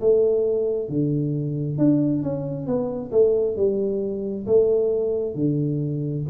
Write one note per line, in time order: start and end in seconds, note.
0.00 0.89 A3
0.89 1.78 D3
1.78 2.23 D4
2.23 2.66 C#4
2.66 3.11 B3
3.11 3.56 A3
3.56 4.46 G3
4.46 5.34 A3
5.34 6.24 D3